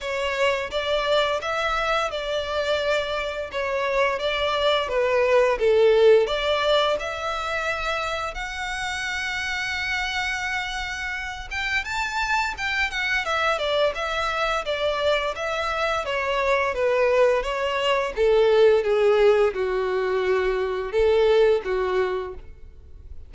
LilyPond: \new Staff \with { instrumentName = "violin" } { \time 4/4 \tempo 4 = 86 cis''4 d''4 e''4 d''4~ | d''4 cis''4 d''4 b'4 | a'4 d''4 e''2 | fis''1~ |
fis''8 g''8 a''4 g''8 fis''8 e''8 d''8 | e''4 d''4 e''4 cis''4 | b'4 cis''4 a'4 gis'4 | fis'2 a'4 fis'4 | }